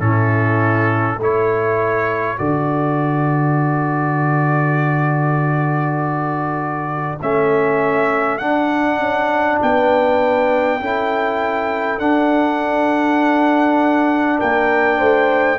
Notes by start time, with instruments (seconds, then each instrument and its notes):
0.00 tuba A2, trombone C#4, horn E4, trumpet A4
1.18 tuba A3, trombone E4, horn A4, trumpet C#5
2.39 tuba D3, trombone F#4, trumpet D5
7.22 tuba A3, trombone C#4, trumpet E5
8.38 trombone D4, tuba D4, trumpet F#5
8.99 tuba C#4
9.62 tuba B3, horn B4, trumpet G5
10.80 tuba C#4, trombone E4, horn A4
11.99 trombone D4, tuba D4, trumpet F#5
14.39 tuba A#3, horn A#4, trumpet G5
14.98 tuba A3, horn C5